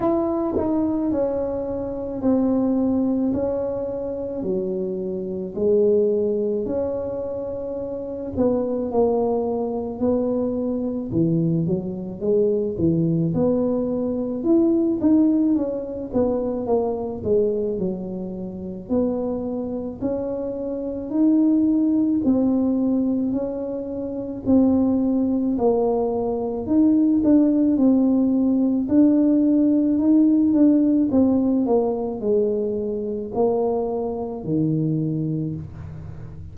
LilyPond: \new Staff \with { instrumentName = "tuba" } { \time 4/4 \tempo 4 = 54 e'8 dis'8 cis'4 c'4 cis'4 | fis4 gis4 cis'4. b8 | ais4 b4 e8 fis8 gis8 e8 | b4 e'8 dis'8 cis'8 b8 ais8 gis8 |
fis4 b4 cis'4 dis'4 | c'4 cis'4 c'4 ais4 | dis'8 d'8 c'4 d'4 dis'8 d'8 | c'8 ais8 gis4 ais4 dis4 | }